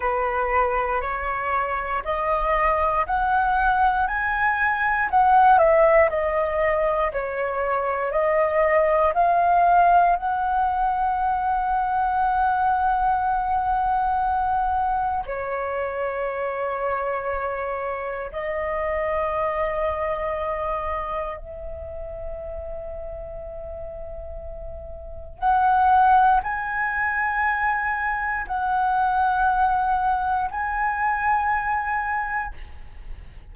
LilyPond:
\new Staff \with { instrumentName = "flute" } { \time 4/4 \tempo 4 = 59 b'4 cis''4 dis''4 fis''4 | gis''4 fis''8 e''8 dis''4 cis''4 | dis''4 f''4 fis''2~ | fis''2. cis''4~ |
cis''2 dis''2~ | dis''4 e''2.~ | e''4 fis''4 gis''2 | fis''2 gis''2 | }